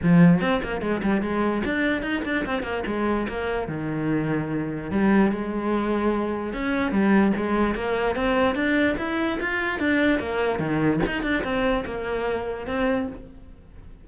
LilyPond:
\new Staff \with { instrumentName = "cello" } { \time 4/4 \tempo 4 = 147 f4 c'8 ais8 gis8 g8 gis4 | d'4 dis'8 d'8 c'8 ais8 gis4 | ais4 dis2. | g4 gis2. |
cis'4 g4 gis4 ais4 | c'4 d'4 e'4 f'4 | d'4 ais4 dis4 dis'8 d'8 | c'4 ais2 c'4 | }